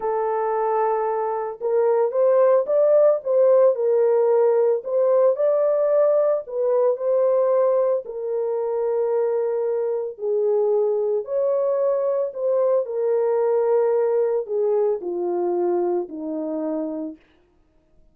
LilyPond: \new Staff \with { instrumentName = "horn" } { \time 4/4 \tempo 4 = 112 a'2. ais'4 | c''4 d''4 c''4 ais'4~ | ais'4 c''4 d''2 | b'4 c''2 ais'4~ |
ais'2. gis'4~ | gis'4 cis''2 c''4 | ais'2. gis'4 | f'2 dis'2 | }